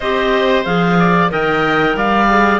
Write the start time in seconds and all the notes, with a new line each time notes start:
0.00 C4 G4 C5 D#5
0.64 F3 G#4 F5
0.99 D5
1.29 D#3 A#4 D#5 G5
1.95 G3 D5 F5
2.29 G#4